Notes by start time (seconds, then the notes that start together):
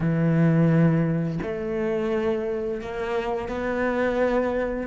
0.00 E3
1.42 A3
2.81 A#3
3.48 B3